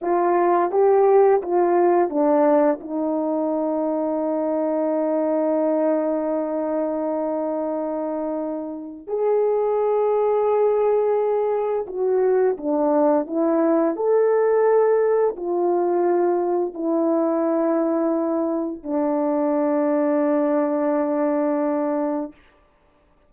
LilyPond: \new Staff \with { instrumentName = "horn" } { \time 4/4 \tempo 4 = 86 f'4 g'4 f'4 d'4 | dis'1~ | dis'1~ | dis'4 gis'2.~ |
gis'4 fis'4 d'4 e'4 | a'2 f'2 | e'2. d'4~ | d'1 | }